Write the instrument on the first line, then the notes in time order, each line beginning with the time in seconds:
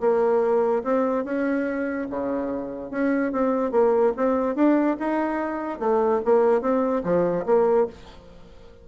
bassoon
0.00 A#3
0.83 C4
1.24 C#4
2.10 C#3
2.90 C#4
3.32 C4
3.71 A#3
4.16 C4
4.55 D4
4.99 D#4
5.79 A3
6.25 A#3
6.61 C4
7.03 F3
7.45 A#3